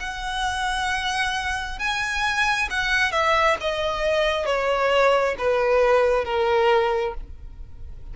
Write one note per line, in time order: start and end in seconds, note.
0.00 1.79 F#5
1.79 2.69 G#5
2.70 3.12 F#5
3.12 3.57 E5
3.61 4.46 D#5
4.46 5.36 C#5
5.39 6.25 B4
6.25 7.14 A#4